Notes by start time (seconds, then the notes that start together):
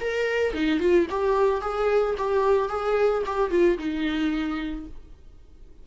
0.00 A#4
0.53 D#4
0.79 F4
1.10 G4
1.61 G#4
2.17 G4
2.68 G#4
3.26 G4
3.50 F4
3.78 D#4